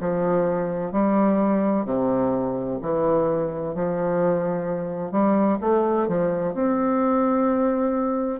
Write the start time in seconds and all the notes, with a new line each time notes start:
0.00 F3
0.92 G3
1.85 C3
2.81 E3
3.75 F3
5.11 G3
5.61 A3
6.08 F3
6.54 C4